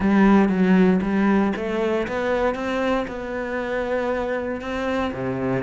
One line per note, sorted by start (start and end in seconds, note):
0.00 0.48 G3
0.48 1.00 F#3
1.02 1.53 G3
1.55 2.07 A3
2.07 2.54 B3
2.54 3.06 C4
3.07 4.61 B3
4.61 5.12 C4
5.13 5.63 C3